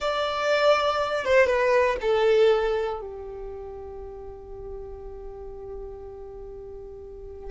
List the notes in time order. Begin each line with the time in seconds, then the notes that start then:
0.00 D5
1.25 C5
1.46 B4
2.01 A4
3.00 G4